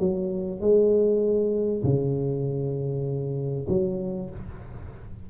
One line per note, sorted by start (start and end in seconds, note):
0.00 0.61 F#3
0.61 1.83 G#3
1.84 3.68 C#3
3.69 4.30 F#3